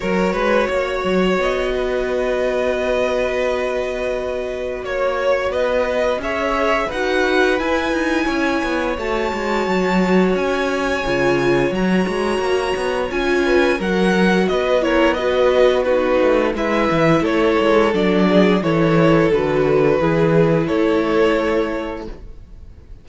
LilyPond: <<
  \new Staff \with { instrumentName = "violin" } { \time 4/4 \tempo 4 = 87 cis''2 dis''2~ | dis''2. cis''4 | dis''4 e''4 fis''4 gis''4~ | gis''4 a''2 gis''4~ |
gis''4 ais''2 gis''4 | fis''4 dis''8 cis''8 dis''4 b'4 | e''4 cis''4 d''4 cis''4 | b'2 cis''2 | }
  \new Staff \with { instrumentName = "violin" } { \time 4/4 ais'8 b'8 cis''4. b'4.~ | b'2. cis''4 | b'4 cis''4 b'2 | cis''1~ |
cis''2.~ cis''8 b'8 | ais'4 b'8 ais'8 b'4 fis'4 | b'4 a'4. gis'8 a'4~ | a'4 gis'4 a'2 | }
  \new Staff \with { instrumentName = "viola" } { \time 4/4 fis'1~ | fis'1~ | fis'4 gis'4 fis'4 e'4~ | e'4 fis'2. |
f'4 fis'2 f'4 | fis'4. e'8 fis'4 dis'4 | e'2 d'4 e'4 | fis'4 e'2. | }
  \new Staff \with { instrumentName = "cello" } { \time 4/4 fis8 gis8 ais8 fis8 b2~ | b2. ais4 | b4 cis'4 dis'4 e'8 dis'8 | cis'8 b8 a8 gis8 fis4 cis'4 |
cis4 fis8 gis8 ais8 b8 cis'4 | fis4 b2~ b8 a8 | gis8 e8 a8 gis8 fis4 e4 | d4 e4 a2 | }
>>